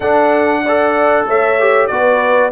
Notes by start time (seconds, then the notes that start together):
0.00 D4 A4 F#5
0.62 A4 D5
1.25 A3 C#5 E5
1.59 G4
1.87 B3 F#4 B4 D5